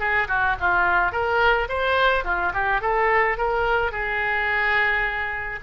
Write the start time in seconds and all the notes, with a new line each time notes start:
0.00 G#4
0.28 F#4
0.60 F4
1.12 A#4
1.69 C5
2.25 F4
2.54 G4
2.82 A4
3.38 A#4
3.92 G#4